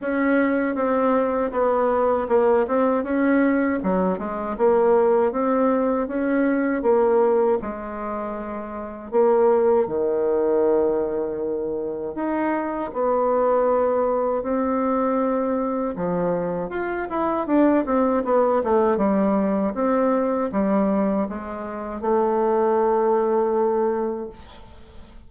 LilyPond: \new Staff \with { instrumentName = "bassoon" } { \time 4/4 \tempo 4 = 79 cis'4 c'4 b4 ais8 c'8 | cis'4 fis8 gis8 ais4 c'4 | cis'4 ais4 gis2 | ais4 dis2. |
dis'4 b2 c'4~ | c'4 f4 f'8 e'8 d'8 c'8 | b8 a8 g4 c'4 g4 | gis4 a2. | }